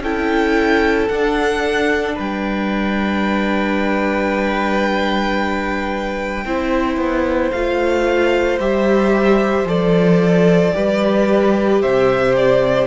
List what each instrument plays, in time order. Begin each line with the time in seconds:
0.00 cello C#4, viola E4, violin A4 G5
1.08 cello D4, viola D4, violin F#5
2.15 cello G3, violin B4 G5
6.44 cello C4, viola E4, violin C5
6.97 cello B3
7.51 cello A3, viola F4, violin F5
8.59 cello G3, viola G4, violin E5
9.64 cello F3, viola A4, violin D5
10.72 cello G3, viola G4, violin B4
11.81 cello C3, violin C5 E5
12.36 violin D5